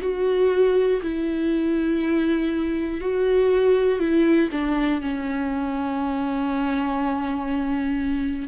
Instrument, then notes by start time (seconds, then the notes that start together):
viola
0.00 F#4
1.02 E4
3.00 F#4
3.99 E4
4.51 D4
5.00 C#4